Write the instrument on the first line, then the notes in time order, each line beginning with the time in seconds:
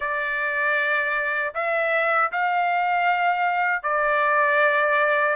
trumpet
0.00 D5
1.54 E5
2.31 F5
3.83 D5